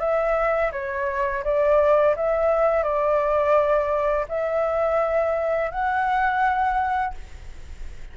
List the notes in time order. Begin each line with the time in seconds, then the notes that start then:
0.00 E5
0.72 C#5
1.44 D5
2.16 E5
2.83 D5
4.29 E5
5.71 F#5